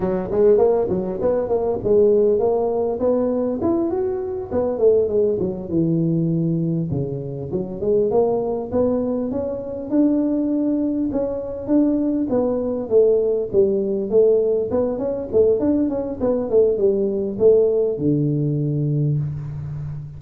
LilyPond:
\new Staff \with { instrumentName = "tuba" } { \time 4/4 \tempo 4 = 100 fis8 gis8 ais8 fis8 b8 ais8 gis4 | ais4 b4 e'8 fis'4 b8 | a8 gis8 fis8 e2 cis8~ | cis8 fis8 gis8 ais4 b4 cis'8~ |
cis'8 d'2 cis'4 d'8~ | d'8 b4 a4 g4 a8~ | a8 b8 cis'8 a8 d'8 cis'8 b8 a8 | g4 a4 d2 | }